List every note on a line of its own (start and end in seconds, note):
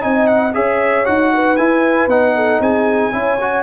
0.00 0.56 C4
0.00 0.52 D#4
0.00 0.55 D#5
0.00 0.27 G#5
0.27 0.53 F#5
0.54 1.07 C#4
0.54 1.05 G#4
0.54 1.34 C#5
0.54 1.06 E5
1.05 1.60 D#4
1.05 1.57 F#4
1.05 1.57 F#5
1.34 2.36 B4
1.57 2.10 E4
1.57 2.08 E4
1.57 2.08 G#5
2.08 2.59 B3
2.08 3.12 D#4
2.08 2.62 F#5
2.36 2.61 A4
2.60 3.12 C4
2.60 3.13 G#4
2.60 3.63 G#5
3.12 3.63 C#4
3.12 3.38 E4
3.12 3.63 C#5
3.41 3.63 F#4